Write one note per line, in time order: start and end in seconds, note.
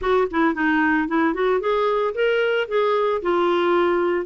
0.01 0.28 F#4
0.30 0.54 E4
0.54 1.07 D#4
1.07 1.33 E4
1.33 1.60 F#4
1.60 2.14 G#4
2.14 2.68 A#4
2.68 3.21 G#4
3.21 4.25 F4